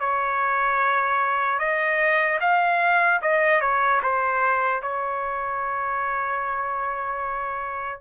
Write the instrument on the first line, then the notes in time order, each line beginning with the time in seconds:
trumpet
0.00 C#5
1.59 D#5
2.41 F5
3.22 D#5
3.61 C#5
4.03 C5
4.82 C#5